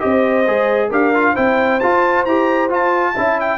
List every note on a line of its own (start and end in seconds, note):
0.00 0.47 C4
0.00 0.45 G4
0.00 0.90 D#5
0.07 0.89 C5
0.47 0.91 G#3
0.47 0.91 G#4
0.89 1.36 D4
0.89 1.14 G4
0.89 1.34 A#4
0.89 1.36 F5
1.15 1.36 F4
1.34 1.82 C4
1.34 1.81 E4
1.34 3.13 C5
1.34 1.80 G5
1.80 2.28 F4
1.80 2.26 F4
1.80 2.25 A5
2.25 2.71 E4
2.25 2.70 G4
2.25 2.70 A#5
2.70 3.15 F4
2.70 3.40 A5
3.14 3.59 C#4
3.14 3.59 E4
3.14 3.59 E5
3.40 3.59 G5